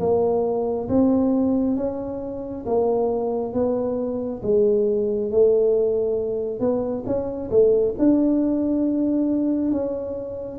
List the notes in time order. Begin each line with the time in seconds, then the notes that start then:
0.00 A#3
0.89 C4
1.77 C#4
2.66 A#3
3.53 B3
4.43 G#3
5.31 A3
6.60 B3
7.06 C#4
7.50 A3
7.99 D4
9.71 C#4